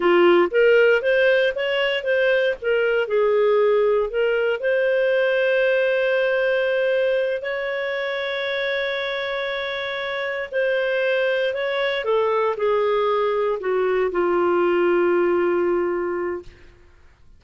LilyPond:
\new Staff \with { instrumentName = "clarinet" } { \time 4/4 \tempo 4 = 117 f'4 ais'4 c''4 cis''4 | c''4 ais'4 gis'2 | ais'4 c''2.~ | c''2~ c''8 cis''4.~ |
cis''1~ | cis''8 c''2 cis''4 a'8~ | a'8 gis'2 fis'4 f'8~ | f'1 | }